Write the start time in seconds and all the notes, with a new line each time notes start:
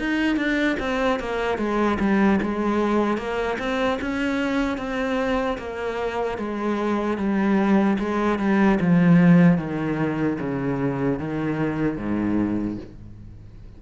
0.00 D#4
0.37 D4
0.80 C4
1.20 A#3
1.59 G#3
2.00 G3
2.43 G#3
3.18 A#3
3.59 C4
4.01 C#4
4.78 C4
5.59 A#3
6.39 G#3
7.18 G3
7.99 G#3
8.39 G3
8.81 F3
9.58 D#3
10.40 C#3
11.20 D#3
11.98 G#2